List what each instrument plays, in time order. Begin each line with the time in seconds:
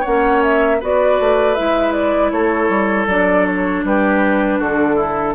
0.00 bassoon A#3, clarinet C#4, oboe C#5, flute F#5
0.42 flute E5
0.80 bassoon B3, clarinet F#4, oboe B4, flute D5
1.19 bassoon A3
1.54 bassoon G#3, clarinet E4, flute E5
1.92 flute D5
2.31 bassoon A3, oboe A4, flute C#5
2.69 bassoon G3
3.06 bassoon F#3, clarinet D4, flute D5
3.45 flute C#5
3.84 bassoon G3, oboe G4, flute B4
4.59 bassoon D3, oboe F#4, flute A4
4.95 oboe E4